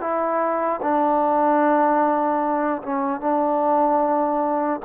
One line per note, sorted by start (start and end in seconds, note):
0.00 0.80 E4
0.82 2.82 D4
2.82 3.20 C#4
3.20 4.80 D4